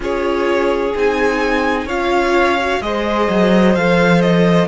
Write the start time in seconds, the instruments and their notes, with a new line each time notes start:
0.00 cello C#4, viola F4, violin G#4 C#5
0.94 cello C4, viola D#4, violin G#5
1.85 cello C#4, viola F4, violin C#5 F5
2.59 viola F#4
2.81 cello G#3, viola G#4, violin C5 D#5
3.29 cello F#3
3.75 cello F3, viola A4, violin F5
4.21 violin D#5